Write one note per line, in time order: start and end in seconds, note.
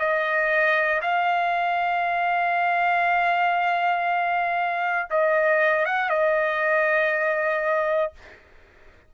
0.00 1.02 D#5
1.02 5.09 F5
5.10 5.86 D#5
5.86 6.10 F#5
6.10 8.13 D#5